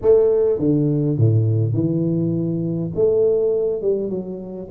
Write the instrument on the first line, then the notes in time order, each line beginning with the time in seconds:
tuba
0.01 A3
0.58 D3
1.17 A2
1.73 E3
2.95 A3
3.81 G3
4.09 F#3